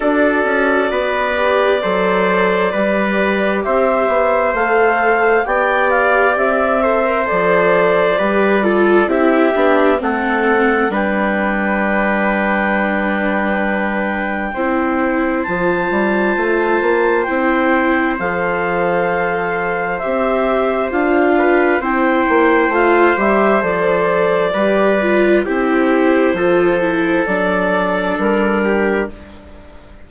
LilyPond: <<
  \new Staff \with { instrumentName = "clarinet" } { \time 4/4 \tempo 4 = 66 d''1 | e''4 f''4 g''8 f''8 e''4 | d''2 e''4 fis''4 | g''1~ |
g''4 a''2 g''4 | f''2 e''4 f''4 | g''4 f''8 e''8 d''2 | c''2 d''4 ais'4 | }
  \new Staff \with { instrumentName = "trumpet" } { \time 4/4 a'4 b'4 c''4 b'4 | c''2 d''4. c''8~ | c''4 b'8 a'8 g'4 a'4 | b'1 |
c''1~ | c''2.~ c''8 b'8 | c''2. b'4 | g'4 a'2~ a'8 g'8 | }
  \new Staff \with { instrumentName = "viola" } { \time 4/4 fis'4. g'8 a'4 g'4~ | g'4 a'4 g'4. a'16 ais'16 | a'4 g'8 f'8 e'8 d'8 c'4 | d'1 |
e'4 f'2 e'4 | a'2 g'4 f'4 | e'4 f'8 g'8 a'4 g'8 f'8 | e'4 f'8 e'8 d'2 | }
  \new Staff \with { instrumentName = "bassoon" } { \time 4/4 d'8 cis'8 b4 fis4 g4 | c'8 b8 a4 b4 c'4 | f4 g4 c'8 b8 a4 | g1 |
c'4 f8 g8 a8 ais8 c'4 | f2 c'4 d'4 | c'8 ais8 a8 g8 f4 g4 | c'4 f4 fis4 g4 | }
>>